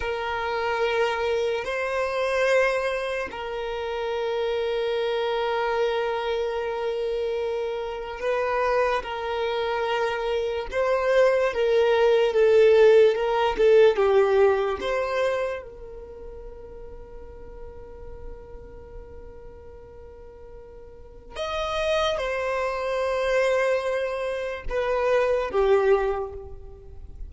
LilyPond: \new Staff \with { instrumentName = "violin" } { \time 4/4 \tempo 4 = 73 ais'2 c''2 | ais'1~ | ais'2 b'4 ais'4~ | ais'4 c''4 ais'4 a'4 |
ais'8 a'8 g'4 c''4 ais'4~ | ais'1~ | ais'2 dis''4 c''4~ | c''2 b'4 g'4 | }